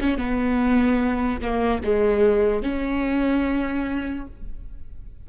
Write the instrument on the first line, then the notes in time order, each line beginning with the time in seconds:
viola
0.00 C#4
0.17 B3
1.41 A#3
1.83 G#3
2.62 C#4